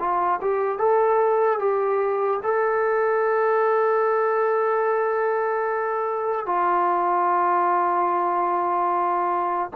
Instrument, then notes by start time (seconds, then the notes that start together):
trombone
0.00 F4
0.42 G4
0.79 A4
1.60 G4
2.44 A4
6.46 F4